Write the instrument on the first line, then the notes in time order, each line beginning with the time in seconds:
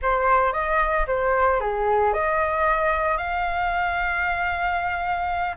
flute
0.01 C5
0.52 D#5
1.07 C5
1.60 G#4
2.13 D#5
3.17 F5